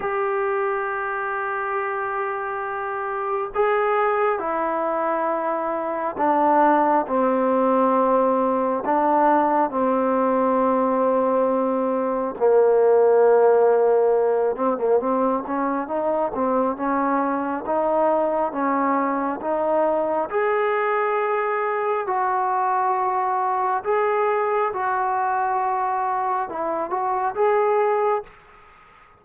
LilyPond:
\new Staff \with { instrumentName = "trombone" } { \time 4/4 \tempo 4 = 68 g'1 | gis'4 e'2 d'4 | c'2 d'4 c'4~ | c'2 ais2~ |
ais8 c'16 ais16 c'8 cis'8 dis'8 c'8 cis'4 | dis'4 cis'4 dis'4 gis'4~ | gis'4 fis'2 gis'4 | fis'2 e'8 fis'8 gis'4 | }